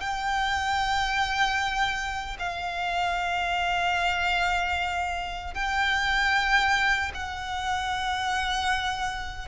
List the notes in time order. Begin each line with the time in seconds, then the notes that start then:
0.00 G5
2.39 F5
5.54 G5
7.14 F#5